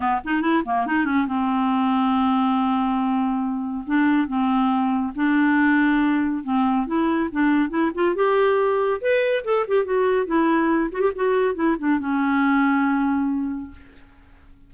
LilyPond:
\new Staff \with { instrumentName = "clarinet" } { \time 4/4 \tempo 4 = 140 b8 dis'8 e'8 ais8 dis'8 cis'8 c'4~ | c'1~ | c'4 d'4 c'2 | d'2. c'4 |
e'4 d'4 e'8 f'8 g'4~ | g'4 b'4 a'8 g'8 fis'4 | e'4. fis'16 g'16 fis'4 e'8 d'8 | cis'1 | }